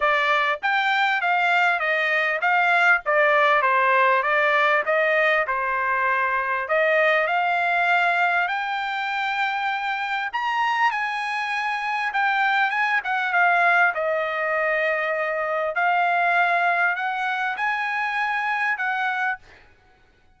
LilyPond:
\new Staff \with { instrumentName = "trumpet" } { \time 4/4 \tempo 4 = 99 d''4 g''4 f''4 dis''4 | f''4 d''4 c''4 d''4 | dis''4 c''2 dis''4 | f''2 g''2~ |
g''4 ais''4 gis''2 | g''4 gis''8 fis''8 f''4 dis''4~ | dis''2 f''2 | fis''4 gis''2 fis''4 | }